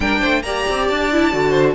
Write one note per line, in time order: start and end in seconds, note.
0.00 0.21 G3
0.00 0.43 D4
0.00 0.20 A#4
0.00 0.42 G5
0.20 0.43 A3
0.20 0.42 C5
0.42 0.65 A#3
0.42 1.12 G4
0.42 1.50 D5
0.42 0.86 A#5
0.69 0.89 C4
0.87 1.33 D4
0.87 1.74 A5
1.12 1.31 E4
1.31 1.74 D3
1.31 1.74 F#4
1.50 1.72 C5